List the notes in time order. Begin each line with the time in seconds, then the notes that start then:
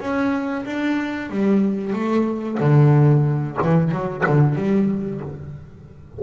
0.00 C#4
0.66 D4
1.30 G3
1.93 A3
2.60 D3
3.63 E3
3.91 F#3
4.27 D3
4.55 G3